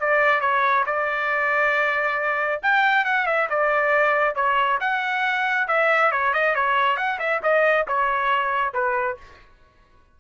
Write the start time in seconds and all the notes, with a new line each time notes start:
0.00 D5
0.41 C#5
0.86 D5
2.63 G5
3.05 F#5
3.27 E5
3.50 D5
4.36 C#5
4.81 F#5
5.68 E5
6.12 C#5
6.34 D#5
6.56 C#5
6.97 F#5
7.20 E5
7.43 D#5
7.88 C#5
8.74 B4